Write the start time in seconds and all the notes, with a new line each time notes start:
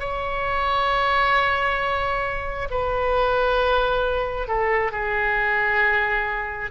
0.00 C#5
2.71 B4
4.48 A4
4.92 G#4